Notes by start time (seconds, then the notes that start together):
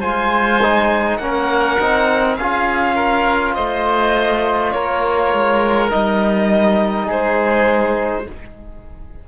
0.00 G#3 F4 C5 G#5
0.62 D#4
1.17 A#3 C#4 A#4 F#5
1.80 C4 D#4
2.36 C#4 F4 G#4 F5
2.96 A#4
3.54 A3 C5 D#5
4.72 A#3 A#4 C#5
5.33 G#3
5.90 G3 D#4 D#5
7.06 G#3 G#4 C5